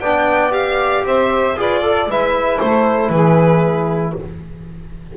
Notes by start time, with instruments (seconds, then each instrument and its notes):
0.00 double bass B3, trombone D4, saxophone D5, violin G5
0.51 trombone G4, violin F5
1.04 double bass C4, saxophone C5, violin E5
1.55 double bass F4, trombone G#4, saxophone B4, violin D5
1.81 saxophone A4, trombone A4
2.07 double bass G#3, trombone E4, saxophone B4, violin E5
2.59 double bass A3, saxophone A4, violin C5
3.10 double bass E3, saxophone G#4, violin B4